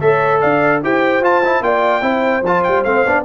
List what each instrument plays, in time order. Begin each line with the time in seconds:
0.00 tuba A3, trombone A4, horn C#5, trumpet E5
0.40 tuba D4, horn D5, trumpet F5
0.83 tuba E4, trombone G4, horn C5, trumpet G5
1.20 tuba F4, trombone F4, trumpet A5
1.44 trombone E4
1.61 tuba A#3, trombone F4, horn D5, trumpet G5
2.01 tuba C4, trombone E4, horn C5
2.42 tuba F3, trombone F4, trumpet A5
2.63 tuba G3, trumpet G5
2.84 tuba A3, trombone C4, trumpet F5
3.06 tuba B3, trombone D4